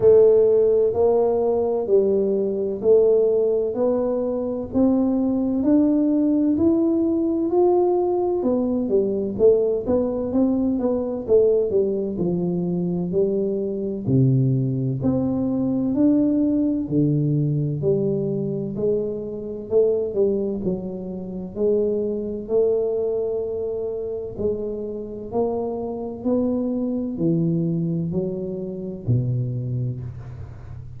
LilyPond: \new Staff \with { instrumentName = "tuba" } { \time 4/4 \tempo 4 = 64 a4 ais4 g4 a4 | b4 c'4 d'4 e'4 | f'4 b8 g8 a8 b8 c'8 b8 | a8 g8 f4 g4 c4 |
c'4 d'4 d4 g4 | gis4 a8 g8 fis4 gis4 | a2 gis4 ais4 | b4 e4 fis4 b,4 | }